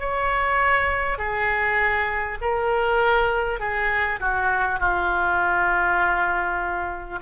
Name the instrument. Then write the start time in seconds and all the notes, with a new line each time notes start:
oboe
0.00 C#5
1.18 G#4
2.42 A#4
3.59 G#4
4.20 F#4
4.80 F4